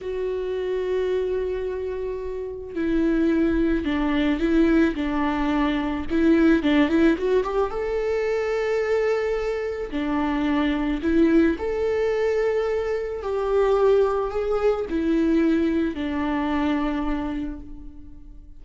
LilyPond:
\new Staff \with { instrumentName = "viola" } { \time 4/4 \tempo 4 = 109 fis'1~ | fis'4 e'2 d'4 | e'4 d'2 e'4 | d'8 e'8 fis'8 g'8 a'2~ |
a'2 d'2 | e'4 a'2. | g'2 gis'4 e'4~ | e'4 d'2. | }